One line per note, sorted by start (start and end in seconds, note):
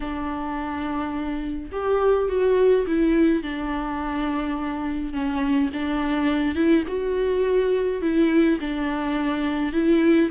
0.00 1.70 D4
1.72 2.28 G4
2.28 2.85 F#4
2.86 3.43 E4
3.43 5.13 D4
5.13 5.70 C#4
5.73 6.55 D4
6.55 6.83 E4
6.87 8.01 F#4
8.01 8.58 E4
8.60 9.72 D4
9.72 10.30 E4